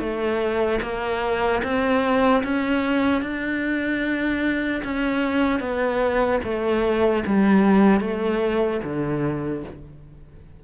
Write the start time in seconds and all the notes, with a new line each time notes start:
0.00 A3
0.83 A#3
1.64 C4
2.44 C#4
3.23 D4
4.84 C#4
5.60 B3
6.44 A3
7.27 G3
8.01 A3
8.84 D3